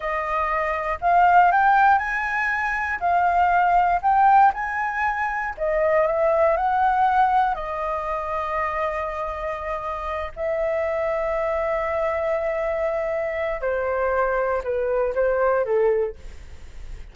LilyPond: \new Staff \with { instrumentName = "flute" } { \time 4/4 \tempo 4 = 119 dis''2 f''4 g''4 | gis''2 f''2 | g''4 gis''2 dis''4 | e''4 fis''2 dis''4~ |
dis''1~ | dis''8 e''2.~ e''8~ | e''2. c''4~ | c''4 b'4 c''4 a'4 | }